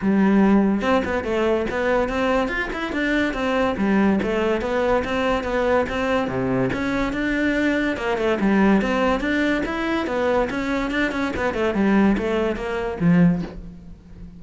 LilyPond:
\new Staff \with { instrumentName = "cello" } { \time 4/4 \tempo 4 = 143 g2 c'8 b8 a4 | b4 c'4 f'8 e'8 d'4 | c'4 g4 a4 b4 | c'4 b4 c'4 c4 |
cis'4 d'2 ais8 a8 | g4 c'4 d'4 e'4 | b4 cis'4 d'8 cis'8 b8 a8 | g4 a4 ais4 f4 | }